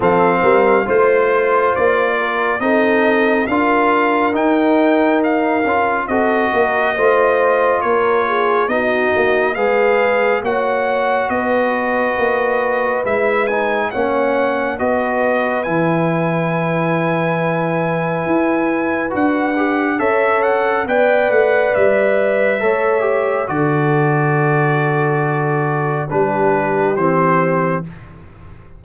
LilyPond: <<
  \new Staff \with { instrumentName = "trumpet" } { \time 4/4 \tempo 4 = 69 f''4 c''4 d''4 dis''4 | f''4 g''4 f''4 dis''4~ | dis''4 cis''4 dis''4 f''4 | fis''4 dis''2 e''8 gis''8 |
fis''4 dis''4 gis''2~ | gis''2 fis''4 e''8 fis''8 | g''8 fis''8 e''2 d''4~ | d''2 b'4 c''4 | }
  \new Staff \with { instrumentName = "horn" } { \time 4/4 a'8 ais'8 c''4. ais'8 a'4 | ais'2. a'8 ais'8 | c''4 ais'8 gis'8 fis'4 b'4 | cis''4 b'2. |
cis''4 b'2.~ | b'2. cis''4 | d''2 cis''4 a'4~ | a'2 g'2 | }
  \new Staff \with { instrumentName = "trombone" } { \time 4/4 c'4 f'2 dis'4 | f'4 dis'4. f'8 fis'4 | f'2 dis'4 gis'4 | fis'2. e'8 dis'8 |
cis'4 fis'4 e'2~ | e'2 fis'8 g'8 a'4 | b'2 a'8 g'8 fis'4~ | fis'2 d'4 c'4 | }
  \new Staff \with { instrumentName = "tuba" } { \time 4/4 f8 g8 a4 ais4 c'4 | d'4 dis'4. cis'8 c'8 ais8 | a4 ais4 b8 ais8 gis4 | ais4 b4 ais4 gis4 |
ais4 b4 e2~ | e4 e'4 d'4 cis'4 | b8 a8 g4 a4 d4~ | d2 g4 e4 | }
>>